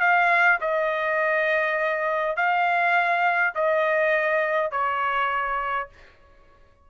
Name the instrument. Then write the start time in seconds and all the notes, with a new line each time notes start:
trumpet
0.00 F5
0.60 D#5
2.36 F5
3.55 D#5
4.71 C#5